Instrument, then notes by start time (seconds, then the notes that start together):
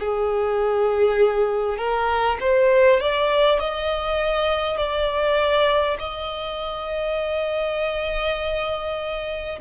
violin
0.00 G#4
1.78 A#4
2.41 C5
3.01 D5
3.60 D#5
4.78 D5
5.99 D#5